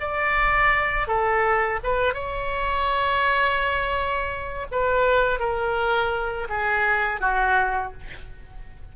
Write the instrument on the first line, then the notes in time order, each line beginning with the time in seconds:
oboe
0.00 D5
1.07 A4
1.83 B4
2.14 C#5
4.71 B4
5.39 A#4
6.49 G#4
7.20 F#4